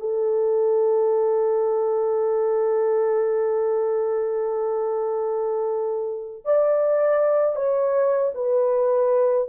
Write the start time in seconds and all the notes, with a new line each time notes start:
0.00 A4
6.45 D5
7.56 C#5
8.34 B4